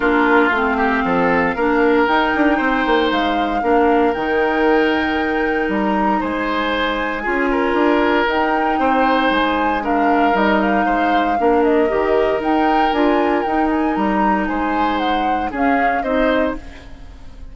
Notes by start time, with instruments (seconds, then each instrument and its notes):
0.00 bassoon A#3, clarinet D4, oboe F4, flute A#4
0.48 bassoon A3, flute F5
0.55 clarinet C4
0.76 oboe G4
1.04 bassoon F3, oboe A4
1.55 bassoon A#3, clarinet D4, oboe A#4
2.07 bassoon D#4, clarinet D#4, flute G5
2.35 bassoon D4
2.57 bassoon C4, oboe C5
2.86 bassoon A#3
3.11 bassoon G#3, flute F5
3.62 bassoon A#3, clarinet D4, oboe A#4
4.13 bassoon D#3, clarinet D#4, flute G5
5.68 bassoon G3, flute A#5
6.20 bassoon G#3, oboe C5, flute G#5
7.23 bassoon C#4, clarinet F4, oboe G#4
7.51 oboe A#4
7.73 bassoon D4
8.27 bassoon D#4, clarinet D#4, flute G5
8.78 bassoon C4, oboe C5
9.30 bassoon G#3, flute G#5
9.82 clarinet D4, oboe A#4, flute F5
10.33 bassoon G3, clarinet D#4, flute D#5
10.60 flute F5
10.85 bassoon G#3, oboe C5
11.37 bassoon A#3, clarinet D4, oboe A#4
11.63 flute D#5
11.88 bassoon D#3, clarinet G4
12.39 bassoon D#4, clarinet D#4, flute G5
12.92 bassoon D4, clarinet F4, flute G#5
13.42 bassoon D#4, clarinet D#4, flute G5
13.70 flute G#5
13.95 bassoon G3, flute A#5
14.47 bassoon G#3, oboe C5, flute G#5
14.98 flute F#5
15.50 bassoon C#4, clarinet C#4, oboe G#4
15.57 flute F5
16.02 bassoon C4, clarinet D#4, oboe C5, flute D#5